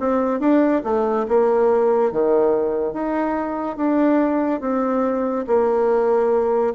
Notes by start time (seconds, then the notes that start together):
0.00 C4
0.40 D4
0.84 A3
1.28 A#3
2.12 D#3
2.93 D#4
3.77 D4
4.61 C4
5.47 A#3